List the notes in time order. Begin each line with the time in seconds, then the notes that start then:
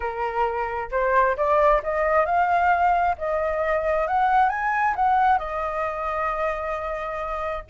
0.00 A#4
0.91 C5
1.37 D5
1.83 D#5
2.25 F5
3.18 D#5
4.07 F#5
4.49 G#5
4.95 F#5
5.38 D#5